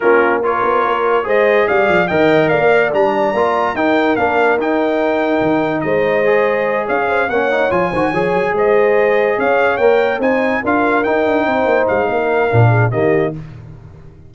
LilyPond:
<<
  \new Staff \with { instrumentName = "trumpet" } { \time 4/4 \tempo 4 = 144 ais'4 cis''2 dis''4 | f''4 g''4 f''4 ais''4~ | ais''4 g''4 f''4 g''4~ | g''2 dis''2~ |
dis''8 f''4 fis''4 gis''4.~ | gis''8 dis''2 f''4 g''8~ | g''8 gis''4 f''4 g''4.~ | g''8 f''2~ f''8 dis''4 | }
  \new Staff \with { instrumentName = "horn" } { \time 4/4 f'4 ais'2 c''4 | d''4 dis''4 d''2~ | d''4 ais'2.~ | ais'2 c''2~ |
c''8 cis''8 c''8 cis''4. c''8 cis''8~ | cis''8 c''2 cis''4.~ | cis''8 c''4 ais'2 c''8~ | c''4 ais'4. gis'8 g'4 | }
  \new Staff \with { instrumentName = "trombone" } { \time 4/4 cis'4 f'2 gis'4~ | gis'4 ais'2 d'4 | f'4 dis'4 d'4 dis'4~ | dis'2. gis'4~ |
gis'4. cis'8 dis'8 f'8 fis'8 gis'8~ | gis'2.~ gis'8 ais'8~ | ais'8 dis'4 f'4 dis'4.~ | dis'2 d'4 ais4 | }
  \new Staff \with { instrumentName = "tuba" } { \time 4/4 ais4. b8 ais4 gis4 | g8 f8 dis4 ais4 g4 | ais4 dis'4 ais4 dis'4~ | dis'4 dis4 gis2~ |
gis8 cis'4 ais4 f8 dis8 f8 | fis8 gis2 cis'4 ais8~ | ais8 c'4 d'4 dis'8 d'8 c'8 | ais8 gis8 ais4 ais,4 dis4 | }
>>